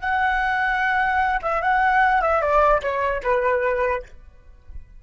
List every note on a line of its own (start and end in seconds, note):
0.00 1.40 F#5
1.43 1.62 E5
1.62 2.22 F#5
2.22 2.41 E5
2.41 2.81 D5
2.83 3.23 C#5
3.23 4.03 B4